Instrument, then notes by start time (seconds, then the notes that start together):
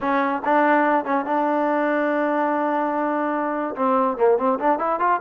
trombone
0.00 C#4
0.45 D4
1.04 C#4
1.25 D4
3.75 C4
4.17 A#3
4.37 C4
4.59 D4
4.78 E4
4.99 F4